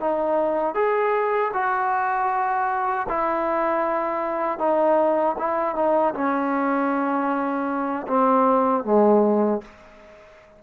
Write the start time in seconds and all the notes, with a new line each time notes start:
0.00 D#4
0.74 G#4
1.53 F#4
3.08 E4
4.59 D#4
5.38 E4
5.76 D#4
6.14 C#4
8.07 C4
8.84 G#3